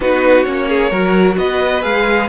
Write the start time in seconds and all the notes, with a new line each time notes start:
0.00 B3 D#4 F#4 B4
0.43 A#3 C#4 C#5
0.68 G#4
0.90 F#3 F#4 A#4
1.37 B3 B4 D#5
1.81 G#3 G#4 F5